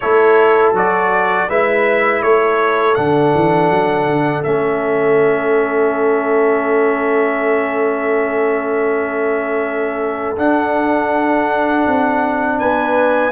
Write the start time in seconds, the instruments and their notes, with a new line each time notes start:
0.00 tuba A3, trombone E4, horn A4, trumpet C#5
0.72 tuba F#3, trombone F#4, trumpet D5
1.48 tuba G#3, trombone E4, horn B4, trumpet E5
2.22 tuba A3, horn A4, trumpet C#5
2.94 tuba D3, trombone D4, trumpet F#5
3.34 tuba E3
3.70 tuba F#3
4.05 tuba D3
4.43 tuba A3, trombone C#4, trumpet E5
10.36 trombone D4, tuba D4, trumpet F#5
11.87 tuba C4
12.58 tuba B3, horn B4, trumpet G#5